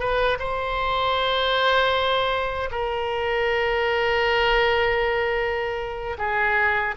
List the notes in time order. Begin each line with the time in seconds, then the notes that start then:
0.00 B4
0.39 C5
2.71 A#4
6.18 G#4